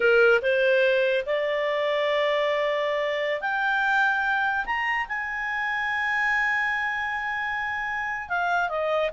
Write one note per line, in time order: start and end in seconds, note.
0.00 0.40 A#4
0.42 1.25 C5
1.26 3.41 D5
3.41 4.65 G5
4.65 5.07 A#5
5.08 8.29 G#5
8.29 8.69 F5
8.69 9.10 D#5